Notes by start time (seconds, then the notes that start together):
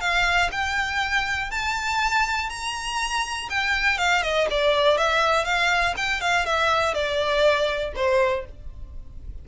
0.00 F5
0.51 G5
1.50 A5
2.49 A#5
3.49 G5
3.98 F5
4.22 D#5
4.50 D5
4.97 E5
5.44 F5
5.96 G5
6.20 F5
6.45 E5
6.94 D5
7.95 C5